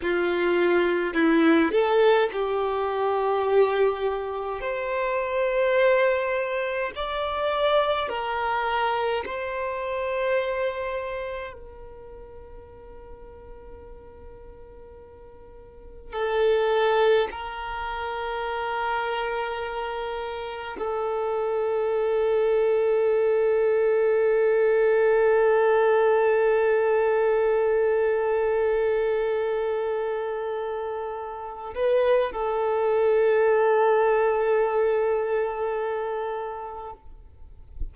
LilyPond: \new Staff \with { instrumentName = "violin" } { \time 4/4 \tempo 4 = 52 f'4 e'8 a'8 g'2 | c''2 d''4 ais'4 | c''2 ais'2~ | ais'2 a'4 ais'4~ |
ais'2 a'2~ | a'1~ | a'2.~ a'8 b'8 | a'1 | }